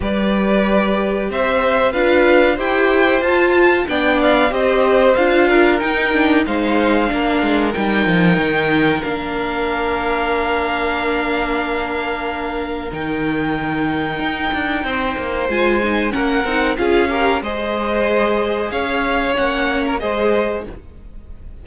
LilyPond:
<<
  \new Staff \with { instrumentName = "violin" } { \time 4/4 \tempo 4 = 93 d''2 e''4 f''4 | g''4 a''4 g''8 f''8 dis''4 | f''4 g''4 f''2 | g''2 f''2~ |
f''1 | g''1 | gis''4 fis''4 f''4 dis''4~ | dis''4 f''4 fis''8. ais'16 dis''4 | }
  \new Staff \with { instrumentName = "violin" } { \time 4/4 b'2 c''4 b'4 | c''2 d''4 c''4~ | c''8 ais'4. c''4 ais'4~ | ais'1~ |
ais'1~ | ais'2. c''4~ | c''4 ais'4 gis'8 ais'8 c''4~ | c''4 cis''2 c''4 | }
  \new Staff \with { instrumentName = "viola" } { \time 4/4 g'2. f'4 | g'4 f'4 d'4 g'4 | f'4 dis'8 d'8 dis'4 d'4 | dis'2 d'2~ |
d'1 | dis'1 | f'8 dis'8 cis'8 dis'8 f'8 g'8 gis'4~ | gis'2 cis'4 gis'4 | }
  \new Staff \with { instrumentName = "cello" } { \time 4/4 g2 c'4 d'4 | e'4 f'4 b4 c'4 | d'4 dis'4 gis4 ais8 gis8 | g8 f8 dis4 ais2~ |
ais1 | dis2 dis'8 d'8 c'8 ais8 | gis4 ais8 c'8 cis'4 gis4~ | gis4 cis'4 ais4 gis4 | }
>>